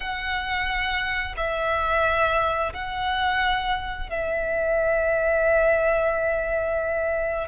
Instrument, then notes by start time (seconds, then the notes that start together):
violin
0.00 F#5
1.36 E5
2.73 F#5
4.09 E5